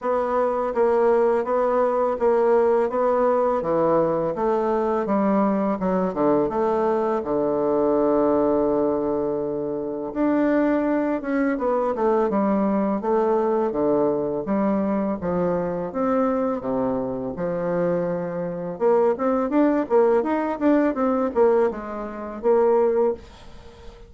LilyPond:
\new Staff \with { instrumentName = "bassoon" } { \time 4/4 \tempo 4 = 83 b4 ais4 b4 ais4 | b4 e4 a4 g4 | fis8 d8 a4 d2~ | d2 d'4. cis'8 |
b8 a8 g4 a4 d4 | g4 f4 c'4 c4 | f2 ais8 c'8 d'8 ais8 | dis'8 d'8 c'8 ais8 gis4 ais4 | }